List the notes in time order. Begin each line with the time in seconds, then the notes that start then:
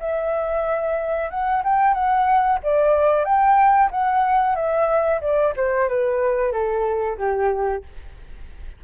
0.00 E5
1.30 F#5
1.64 G5
1.94 F#5
2.63 D5
3.25 G5
3.91 F#5
4.56 E5
5.21 D5
5.56 C5
5.89 B4
6.52 A4
7.18 G4